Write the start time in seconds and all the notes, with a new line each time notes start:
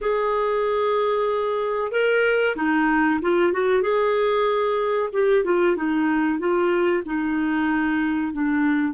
0.01 G#4
1.91 A#4
2.56 D#4
3.21 F4
3.53 F#4
3.82 G#4
5.12 G4
5.44 F4
5.76 D#4
6.39 F4
7.05 D#4
8.32 D4